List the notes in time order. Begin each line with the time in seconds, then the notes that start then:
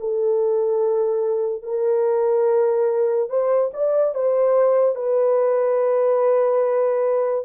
0.00 A4
1.63 A#4
3.30 C5
3.73 D5
4.15 C5
4.95 B4